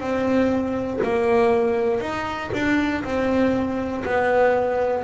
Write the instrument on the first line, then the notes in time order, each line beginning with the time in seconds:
double bass
0.00 C4
1.03 A#3
2.00 D#4
2.53 D4
3.04 C4
4.05 B3